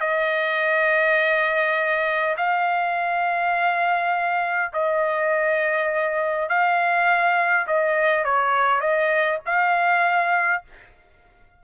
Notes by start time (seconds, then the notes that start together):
0.00 D#5
2.36 F5
4.73 D#5
6.49 F5
7.67 D#5
8.24 C#5
8.80 D#5
9.45 F5